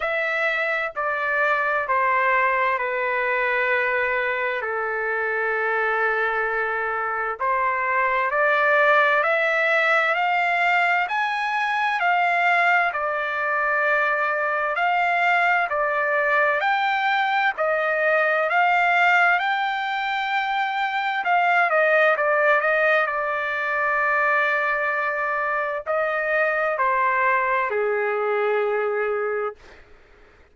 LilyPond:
\new Staff \with { instrumentName = "trumpet" } { \time 4/4 \tempo 4 = 65 e''4 d''4 c''4 b'4~ | b'4 a'2. | c''4 d''4 e''4 f''4 | gis''4 f''4 d''2 |
f''4 d''4 g''4 dis''4 | f''4 g''2 f''8 dis''8 | d''8 dis''8 d''2. | dis''4 c''4 gis'2 | }